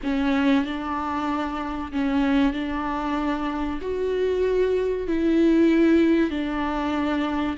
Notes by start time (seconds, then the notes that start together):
0.03 C#4
0.65 D4
1.91 C#4
2.53 D4
3.81 F#4
5.07 E4
6.30 D4